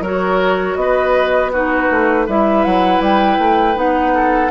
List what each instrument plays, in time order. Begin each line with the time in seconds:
0.00 bassoon F#3, clarinet F#4, oboe A#4, flute C#5
0.75 bassoon B3, oboe B4, flute D#5
1.52 clarinet D#4, oboe F#4, flute B4
1.91 bassoon A3
2.26 bassoon G3, clarinet E4, oboe B4, flute E5
2.64 bassoon F#3, flute F#5
3.00 bassoon G3, flute G5
3.38 bassoon A3
3.75 bassoon B3, clarinet D#4, flute F#5
4.14 oboe A4